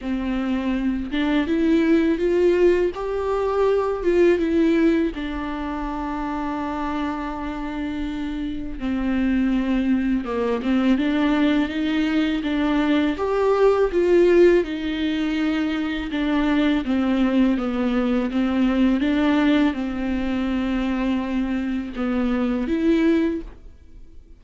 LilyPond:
\new Staff \with { instrumentName = "viola" } { \time 4/4 \tempo 4 = 82 c'4. d'8 e'4 f'4 | g'4. f'8 e'4 d'4~ | d'1 | c'2 ais8 c'8 d'4 |
dis'4 d'4 g'4 f'4 | dis'2 d'4 c'4 | b4 c'4 d'4 c'4~ | c'2 b4 e'4 | }